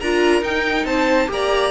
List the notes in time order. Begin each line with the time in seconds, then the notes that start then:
0.00 D4 F4 A#4 A#5
0.42 D#4 G5
0.85 C4 C5 A5
1.28 A#3 G4 D5 A#5